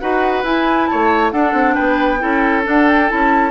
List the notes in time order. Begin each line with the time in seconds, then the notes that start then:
0.00 D#4 F#4 B4 F#5
0.44 E4 G#5
0.87 C#5 A5
0.93 A3
1.32 D4 A4 F#5
1.53 C4
1.75 B3 B4 G5
2.20 C#4 E4 A4
2.64 D4 F#5
2.88 G5
3.08 C#4 E4 A5